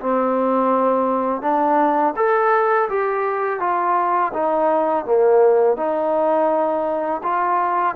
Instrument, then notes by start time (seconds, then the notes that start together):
trombone
0.00 C4
1.42 D4
2.16 A4
2.89 G4
3.60 F4
4.33 D#4
5.05 A#3
5.77 D#4
7.23 F4